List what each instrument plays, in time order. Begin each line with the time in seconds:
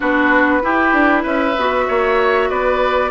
0.00 bassoon B3, clarinet D4, oboe F#4, flute B4
0.61 clarinet E4, bassoon E4, oboe G4
0.93 bassoon D4
1.22 bassoon C#4, oboe B4, flute E5
1.57 bassoon B3, clarinet F#4
1.88 bassoon A#3, oboe C#5
2.49 bassoon B3, oboe B4, flute D5